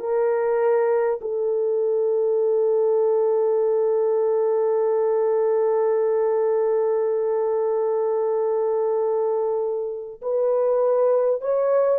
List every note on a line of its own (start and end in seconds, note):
0.00 1.20 A#4
1.22 10.22 A4
10.22 11.41 B4
11.41 11.99 C#5